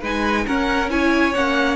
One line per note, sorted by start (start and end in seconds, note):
0.00 0.46 G#3
0.00 0.47 D#4
0.00 0.44 B4
0.00 0.46 G#5
0.46 0.90 C#4
0.46 1.35 C#4
0.46 0.90 A#4
0.46 0.90 F#5
0.90 1.34 E4
0.90 1.76 C#5
0.90 1.34 G#5
1.34 1.76 A#3
1.34 1.76 C#4
1.34 1.76 F#5